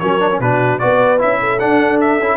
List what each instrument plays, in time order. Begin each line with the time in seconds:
0.00 tuba F#3, trombone C#4, horn A#4, trumpet C#5
0.20 trombone D4
0.32 trombone C#4
0.40 tuba B2, trombone D4, horn F#4, trumpet B4
0.79 tuba B3, trombone F#4, horn B4, trumpet D5
1.19 tuba C#4, trombone E4, trumpet E5
1.40 horn A4
1.60 trombone D4, tuba D4, trumpet F#5
2.01 trumpet E5
2.20 tuba C#4, trombone E4